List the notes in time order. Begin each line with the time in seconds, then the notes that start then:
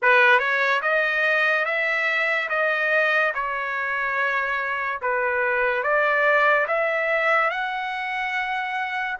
0.02 B4
0.39 C#5
0.82 D#5
1.65 E5
2.49 D#5
3.34 C#5
5.02 B4
5.83 D5
6.67 E5
7.50 F#5